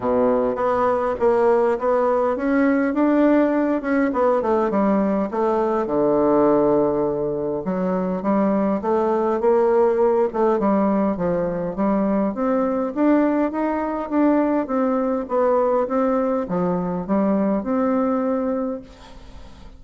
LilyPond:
\new Staff \with { instrumentName = "bassoon" } { \time 4/4 \tempo 4 = 102 b,4 b4 ais4 b4 | cis'4 d'4. cis'8 b8 a8 | g4 a4 d2~ | d4 fis4 g4 a4 |
ais4. a8 g4 f4 | g4 c'4 d'4 dis'4 | d'4 c'4 b4 c'4 | f4 g4 c'2 | }